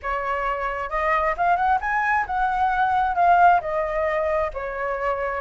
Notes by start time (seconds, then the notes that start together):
0.02 C#5
0.89 D#5
1.37 F5
1.56 F#5
1.80 G#5
2.26 F#5
3.15 F5
3.60 D#5
4.53 C#5